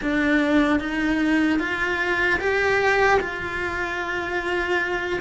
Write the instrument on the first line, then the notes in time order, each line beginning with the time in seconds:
cello
0.02 D4
0.79 D#4
1.59 F4
2.39 G4
3.20 F4